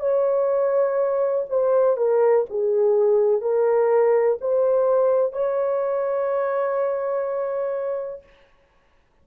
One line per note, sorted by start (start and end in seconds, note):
0.00 1.45 C#5
1.50 1.98 C5
1.98 2.46 A#4
2.50 3.42 G#4
3.42 4.39 A#4
4.42 5.33 C5
5.33 8.23 C#5